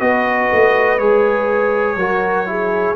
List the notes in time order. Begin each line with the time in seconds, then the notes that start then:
0.00 B3 F#4 B4 D#5
0.53 A3
0.98 G#3 G#4 C#5
1.96 F#3 F#4 A#4
2.46 E4 G#4